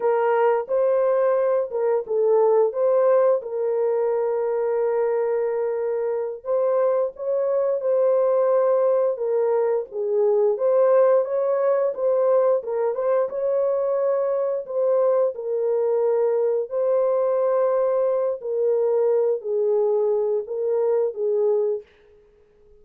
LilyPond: \new Staff \with { instrumentName = "horn" } { \time 4/4 \tempo 4 = 88 ais'4 c''4. ais'8 a'4 | c''4 ais'2.~ | ais'4. c''4 cis''4 c''8~ | c''4. ais'4 gis'4 c''8~ |
c''8 cis''4 c''4 ais'8 c''8 cis''8~ | cis''4. c''4 ais'4.~ | ais'8 c''2~ c''8 ais'4~ | ais'8 gis'4. ais'4 gis'4 | }